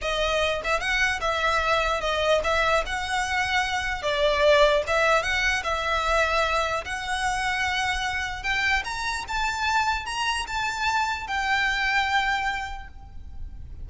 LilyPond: \new Staff \with { instrumentName = "violin" } { \time 4/4 \tempo 4 = 149 dis''4. e''8 fis''4 e''4~ | e''4 dis''4 e''4 fis''4~ | fis''2 d''2 | e''4 fis''4 e''2~ |
e''4 fis''2.~ | fis''4 g''4 ais''4 a''4~ | a''4 ais''4 a''2 | g''1 | }